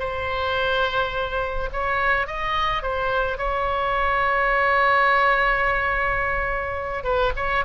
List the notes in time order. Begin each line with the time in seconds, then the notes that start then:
0.00 C5
1.73 C#5
2.27 D#5
2.83 C5
3.38 C#5
7.04 B4
7.37 C#5